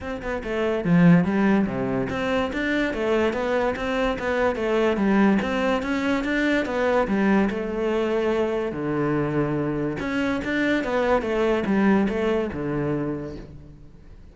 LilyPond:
\new Staff \with { instrumentName = "cello" } { \time 4/4 \tempo 4 = 144 c'8 b8 a4 f4 g4 | c4 c'4 d'4 a4 | b4 c'4 b4 a4 | g4 c'4 cis'4 d'4 |
b4 g4 a2~ | a4 d2. | cis'4 d'4 b4 a4 | g4 a4 d2 | }